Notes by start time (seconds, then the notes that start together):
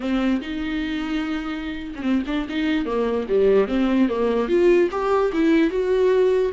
0.00 C4
0.41 D#4
1.95 C#4
2.02 C4
2.27 D4
2.49 D#4
2.85 A#3
3.28 G3
3.68 C4
4.08 A#3
4.48 F4
4.91 G4
5.32 E4
5.70 F#4